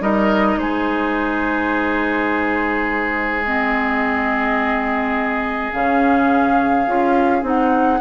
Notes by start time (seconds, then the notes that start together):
0.00 G3 D#4 A#4 D#5
0.57 G#3 G#4 C5
3.46 C4 D#5
5.73 C#3 C#4 F5
6.87 C#4 F4
7.42 C4 D#4 F#5